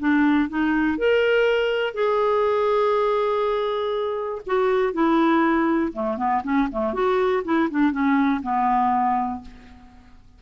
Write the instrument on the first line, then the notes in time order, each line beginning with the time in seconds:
clarinet
0.00 D4
0.50 D#4
0.98 A#4
1.94 G#4
4.47 F#4
4.94 E4
5.93 A3
6.17 B3
6.44 C#4
6.72 A3
6.94 F#4
7.45 E4
7.71 D4
7.92 C#4
8.43 B3